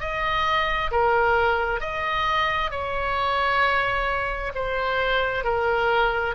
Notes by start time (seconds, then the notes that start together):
0.00 D#5
0.91 A#4
1.80 D#5
2.71 C#5
4.55 C5
5.44 A#4